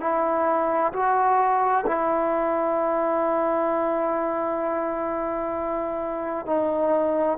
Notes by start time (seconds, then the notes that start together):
0.00 E4
0.92 F#4
1.86 E4
6.46 D#4